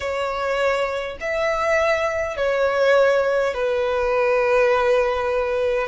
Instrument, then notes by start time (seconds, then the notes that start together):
violin
0.00 C#5
1.20 E5
2.36 C#5
3.53 B4